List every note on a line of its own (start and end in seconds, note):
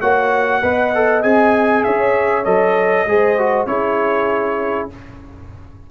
0.00 0.63 A#3
0.00 0.62 F#4
0.00 0.61 C#5
0.00 1.23 F#5
0.62 1.24 B3
0.62 0.93 B4
0.62 1.85 D#5
0.95 1.23 A4
1.23 1.85 C4
1.23 2.44 G#4
1.23 1.84 G#5
1.84 2.46 C#4
1.84 3.08 C#5
1.84 2.45 E5
2.44 3.06 F#3
2.44 3.06 A4
2.44 3.66 D#5
3.06 3.67 G#3
3.06 3.38 G#4
3.06 3.68 C5
3.38 3.67 F#4
3.66 4.89 C#4
3.66 4.90 E4
3.66 4.91 G#4
3.66 4.89 C#5